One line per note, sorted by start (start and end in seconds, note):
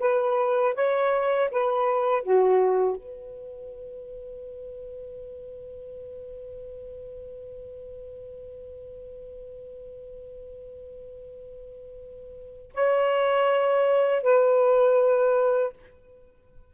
0.00 0.75 B4
0.75 1.50 C#5
1.51 2.23 B4
2.23 2.97 F#4
2.97 12.72 B4
12.74 14.23 C#5
14.23 15.73 B4